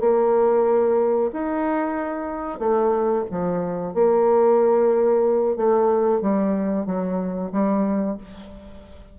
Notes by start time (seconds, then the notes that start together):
0.00 A#3
1.33 D#4
2.59 A3
3.31 F3
3.94 A#3
5.57 A3
6.22 G3
6.86 F#3
7.52 G3